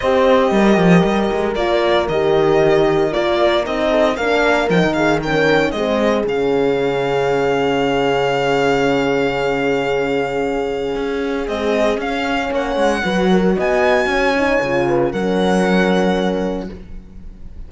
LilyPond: <<
  \new Staff \with { instrumentName = "violin" } { \time 4/4 \tempo 4 = 115 dis''2. d''4 | dis''2 d''4 dis''4 | f''4 g''8 f''8 g''4 dis''4 | f''1~ |
f''1~ | f''2 dis''4 f''4 | fis''2 gis''2~ | gis''4 fis''2. | }
  \new Staff \with { instrumentName = "horn" } { \time 4/4 c''4 ais'2.~ | ais'2.~ ais'8 a'8 | ais'4. gis'8 ais'4 gis'4~ | gis'1~ |
gis'1~ | gis'1 | cis''4 b'8 ais'8 dis''4 cis''4~ | cis''8 b'8 ais'2. | }
  \new Staff \with { instrumentName = "horn" } { \time 4/4 g'2. f'4 | g'2 f'4 dis'4 | d'4 dis'4 cis'4 c'4 | cis'1~ |
cis'1~ | cis'2 gis4 cis'4~ | cis'4 fis'2~ fis'8 dis'8 | f'4 cis'2. | }
  \new Staff \with { instrumentName = "cello" } { \time 4/4 c'4 g8 f8 g8 gis8 ais4 | dis2 ais4 c'4 | ais4 f16 dis4.~ dis16 gis4 | cis1~ |
cis1~ | cis4 cis'4 c'4 cis'4 | ais8 gis8 fis4 b4 cis'4 | cis4 fis2. | }
>>